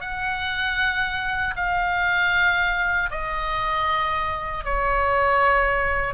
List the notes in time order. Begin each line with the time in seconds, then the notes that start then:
0.00 F#5
1.56 F5
3.10 D#5
4.64 C#5